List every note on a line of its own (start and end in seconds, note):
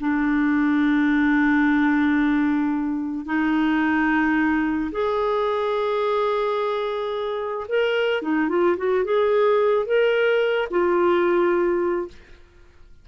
0.00 3.26 D4
3.26 4.91 D#4
4.92 7.67 G#4
7.69 8.22 A#4
8.22 8.49 D#4
8.49 8.76 F4
8.77 9.05 F#4
9.05 9.86 G#4
9.86 10.69 A#4
10.70 12.08 F4